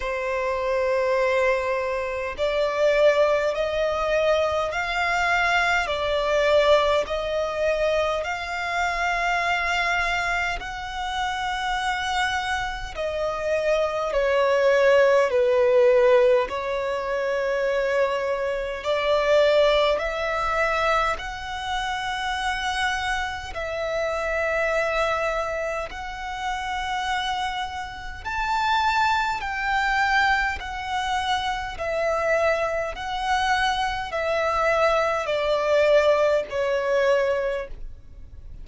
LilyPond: \new Staff \with { instrumentName = "violin" } { \time 4/4 \tempo 4 = 51 c''2 d''4 dis''4 | f''4 d''4 dis''4 f''4~ | f''4 fis''2 dis''4 | cis''4 b'4 cis''2 |
d''4 e''4 fis''2 | e''2 fis''2 | a''4 g''4 fis''4 e''4 | fis''4 e''4 d''4 cis''4 | }